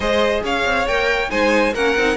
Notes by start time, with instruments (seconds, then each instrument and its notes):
0.00 cello G#3, viola G#4, violin C5 D#5
0.42 cello C#4, violin C#5 F5
0.65 cello C4
0.87 cello A#3, viola A#4, violin G5
1.29 cello G#3, viola D#4, violin C5 G#5
1.73 cello A#3, viola C#4, violin A#4 F#5
1.97 cello C4, viola D#4